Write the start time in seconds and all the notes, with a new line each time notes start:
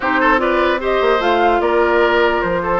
0.00 C4 D#4 G4 C5
0.20 A4
0.37 F4 B4 D5
0.79 G4 C5 D#5
1.01 A#3
1.19 A3 F4 F5
1.60 A#3 A#4 D5
2.41 F3 C5
2.62 A4